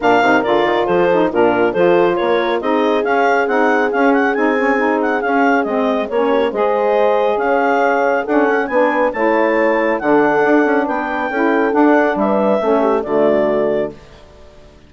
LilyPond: <<
  \new Staff \with { instrumentName = "clarinet" } { \time 4/4 \tempo 4 = 138 f''4 d''4 c''4 ais'4 | c''4 cis''4 dis''4 f''4 | fis''4 f''8 fis''8 gis''4. fis''8 | f''4 dis''4 cis''4 dis''4~ |
dis''4 f''2 fis''4 | gis''4 a''2 fis''4~ | fis''4 g''2 fis''4 | e''2 d''2 | }
  \new Staff \with { instrumentName = "horn" } { \time 4/4 ais'2 a'4 f'4 | a'4 ais'4 gis'2~ | gis'1~ | gis'2~ gis'8 g'8 c''4~ |
c''4 cis''2 a'4 | b'4 cis''2 a'4~ | a'4 b'4 a'2 | b'4 a'8 g'8 fis'2 | }
  \new Staff \with { instrumentName = "saxophone" } { \time 4/4 d'8 dis'8 f'4. dis'8 d'4 | f'2 dis'4 cis'4 | dis'4 cis'4 dis'8 cis'8 dis'4 | cis'4 c'4 cis'4 gis'4~ |
gis'2. cis'4 | d'4 e'2 d'4~ | d'2 e'4 d'4~ | d'4 cis'4 a2 | }
  \new Staff \with { instrumentName = "bassoon" } { \time 4/4 ais,8 c8 d8 dis8 f4 ais,4 | f4 ais4 c'4 cis'4 | c'4 cis'4 c'2 | cis'4 gis4 ais4 gis4~ |
gis4 cis'2 d'8 cis'8 | b4 a2 d4 | d'8 cis'8 b4 cis'4 d'4 | g4 a4 d2 | }
>>